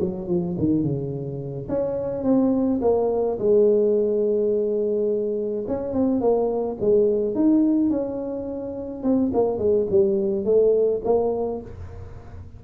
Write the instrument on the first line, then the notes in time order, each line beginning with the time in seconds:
tuba
0.00 F#3
0.28 F3
0.58 D#3
0.83 C#3
1.69 C#4
2.24 C4
2.82 A#3
3.39 G#3
5.68 C#4
5.93 C4
6.21 A#3
6.80 G#3
7.35 D#4
7.90 C#4
9.03 C4
9.33 A#3
9.58 G#3
9.90 G3
10.45 A3
11.05 A#3